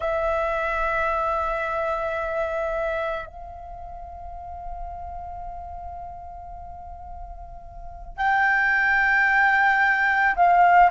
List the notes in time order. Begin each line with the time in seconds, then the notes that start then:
0.00 E5
3.26 F5
8.17 G5
10.35 F5